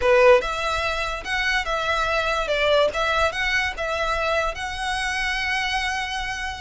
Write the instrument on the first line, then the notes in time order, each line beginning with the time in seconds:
violin
0.01 B4
0.41 E5
1.24 F#5
1.65 E5
2.47 D5
2.93 E5
3.32 F#5
3.77 E5
4.54 F#5